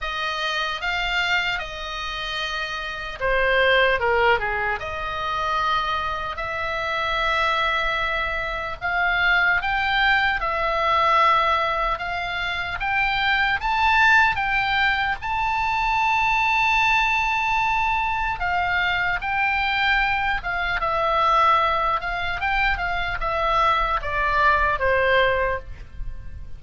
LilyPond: \new Staff \with { instrumentName = "oboe" } { \time 4/4 \tempo 4 = 75 dis''4 f''4 dis''2 | c''4 ais'8 gis'8 dis''2 | e''2. f''4 | g''4 e''2 f''4 |
g''4 a''4 g''4 a''4~ | a''2. f''4 | g''4. f''8 e''4. f''8 | g''8 f''8 e''4 d''4 c''4 | }